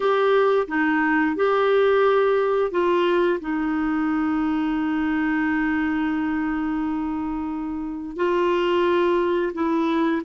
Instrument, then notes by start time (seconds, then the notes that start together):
clarinet
0.00 G4
0.67 D#4
1.36 G4
2.71 F4
3.40 D#4
8.16 F4
9.53 E4